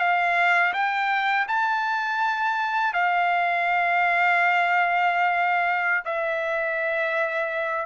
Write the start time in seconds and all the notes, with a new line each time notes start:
0.00 F5
0.74 G5
1.48 A5
2.93 F5
6.05 E5